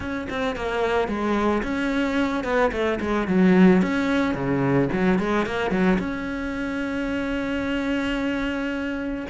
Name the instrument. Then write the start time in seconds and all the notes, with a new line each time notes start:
cello
0.00 C#4
0.29 C4
0.56 A#3
1.08 G#3
1.62 C#4
2.43 B3
2.72 A3
3.00 G#3
3.27 F#3
3.82 C#4
4.34 C#3
4.92 F#3
5.18 G#3
5.45 A#3
5.70 F#3
5.99 C#4